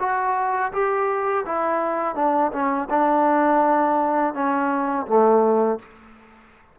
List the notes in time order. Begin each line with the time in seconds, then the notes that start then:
0.00 F#4
0.73 G4
1.46 E4
2.16 D4
2.53 C#4
2.90 D4
4.34 C#4
5.07 A3